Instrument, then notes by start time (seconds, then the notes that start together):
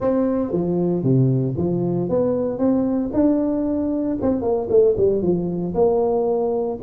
tuba
0.00 C4
0.51 F3
1.03 C3
1.57 F3
2.09 B3
2.58 C4
3.13 D4
4.21 C4
4.41 A#3
4.69 A3
4.97 G3
5.22 F3
5.74 A#3